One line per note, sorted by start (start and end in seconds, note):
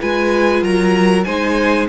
0.00 0.62 G#3
0.00 1.25 F4
0.00 0.63 B4
0.00 0.64 G#5
0.62 1.25 F#3
0.62 1.26 A#4
0.62 1.24 A#5
1.24 1.89 G#3
1.24 1.89 D#4
1.24 1.88 C5
1.24 1.86 G#5